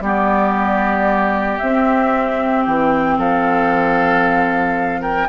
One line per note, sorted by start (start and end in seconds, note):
0.00 1.58 G3
0.00 1.60 B3
0.00 3.18 G4
0.00 1.57 D5
1.57 5.28 C4
1.57 2.66 C4
1.57 2.63 E5
2.65 3.17 E3
2.65 3.18 G5
3.17 5.28 F3
3.17 5.00 A4
3.17 5.02 F5
5.00 5.27 A#4
5.00 5.28 G5